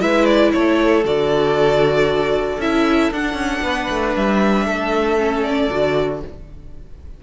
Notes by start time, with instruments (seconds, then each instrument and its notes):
0.00 cello G#3, viola E4, violin B4 E5
0.25 violin D5
0.53 cello A3, violin A4 C#5
1.04 cello D3, viola F#4, violin D5
2.58 cello C#4, viola E4, violin E5
3.11 cello D4, viola D4, violin F#5
3.34 cello C#4
3.62 cello B3, violin B4
3.90 cello A3
4.16 cello G3, violin E5
4.65 cello A3, violin A4
5.19 viola C#4
5.43 violin D5
5.71 cello D3, viola F#4